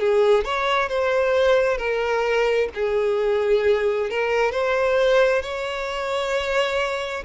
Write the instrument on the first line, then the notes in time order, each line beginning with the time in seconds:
violin
0.00 G#4
0.45 C#5
0.89 C5
1.78 A#4
2.75 G#4
4.10 A#4
4.52 C5
5.43 C#5